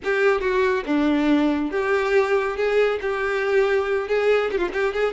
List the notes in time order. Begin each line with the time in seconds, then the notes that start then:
0.04 G4
0.40 F#4
0.86 D4
1.71 G4
2.56 G#4
3.01 G4
4.08 G#4
4.51 G4
4.57 F4
4.73 G4
4.93 G#4